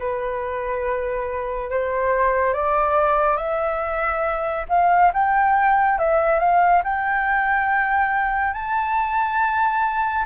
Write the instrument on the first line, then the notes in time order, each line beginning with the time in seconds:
flute
0.00 B4
1.70 C5
2.54 D5
3.37 E5
4.69 F5
5.14 G5
5.99 E5
6.40 F5
6.84 G5
8.54 A5